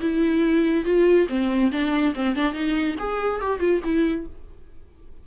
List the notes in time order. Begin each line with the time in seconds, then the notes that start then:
0.00 E4
0.85 F4
1.28 C4
1.71 D4
2.14 C4
2.35 D4
2.53 D#4
2.98 G#4
3.41 G4
3.59 F4
3.84 E4